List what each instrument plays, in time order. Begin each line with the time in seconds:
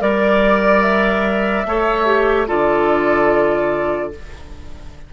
0.00 bassoon G3, clarinet A#4, flute D5, oboe D5
0.82 flute E5
1.66 bassoon A3, clarinet A4, oboe C#5
2.05 clarinet G4
2.47 bassoon D3, clarinet F4, oboe A4, flute D5